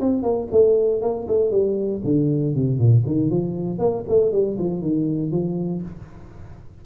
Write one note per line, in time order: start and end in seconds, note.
0.00 0.23 C4
0.23 0.48 A#3
0.52 1.01 A3
1.01 1.27 A#3
1.28 1.51 A3
1.51 2.02 G3
2.04 2.55 D3
2.55 2.79 C3
2.79 3.04 A#2
3.06 3.30 D#3
3.30 3.79 F3
3.79 4.04 A#3
4.08 4.32 A3
4.32 4.57 G3
4.59 4.81 F3
4.81 5.31 D#3
5.31 5.82 F3